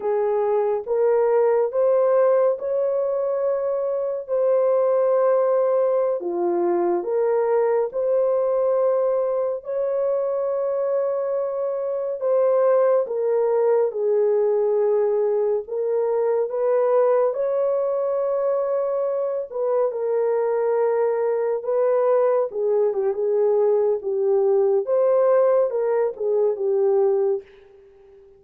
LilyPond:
\new Staff \with { instrumentName = "horn" } { \time 4/4 \tempo 4 = 70 gis'4 ais'4 c''4 cis''4~ | cis''4 c''2~ c''16 f'8.~ | f'16 ais'4 c''2 cis''8.~ | cis''2~ cis''16 c''4 ais'8.~ |
ais'16 gis'2 ais'4 b'8.~ | b'16 cis''2~ cis''8 b'8 ais'8.~ | ais'4~ ais'16 b'4 gis'8 g'16 gis'4 | g'4 c''4 ais'8 gis'8 g'4 | }